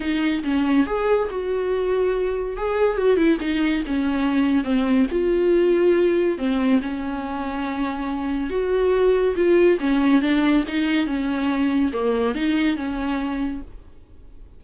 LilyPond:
\new Staff \with { instrumentName = "viola" } { \time 4/4 \tempo 4 = 141 dis'4 cis'4 gis'4 fis'4~ | fis'2 gis'4 fis'8 e'8 | dis'4 cis'2 c'4 | f'2. c'4 |
cis'1 | fis'2 f'4 cis'4 | d'4 dis'4 cis'2 | ais4 dis'4 cis'2 | }